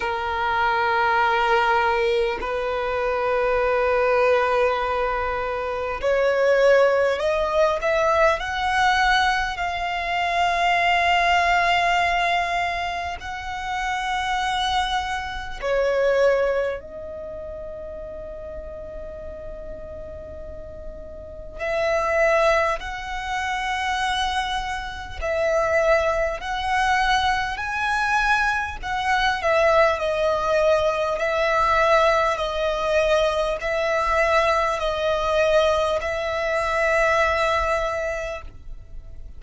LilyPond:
\new Staff \with { instrumentName = "violin" } { \time 4/4 \tempo 4 = 50 ais'2 b'2~ | b'4 cis''4 dis''8 e''8 fis''4 | f''2. fis''4~ | fis''4 cis''4 dis''2~ |
dis''2 e''4 fis''4~ | fis''4 e''4 fis''4 gis''4 | fis''8 e''8 dis''4 e''4 dis''4 | e''4 dis''4 e''2 | }